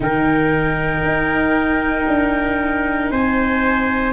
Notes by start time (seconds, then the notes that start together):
0.00 D#3 D#4 A#4 G5
1.02 D#4
2.07 D4
3.10 C4 C5 G#5